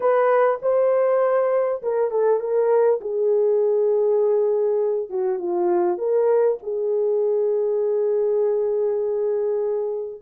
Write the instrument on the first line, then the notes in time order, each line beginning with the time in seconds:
horn
0.00 B4
0.62 C5
1.82 A#4
2.10 A4
2.40 A#4
3.00 G#4
5.09 F#4
5.38 F4
5.98 A#4
6.62 G#4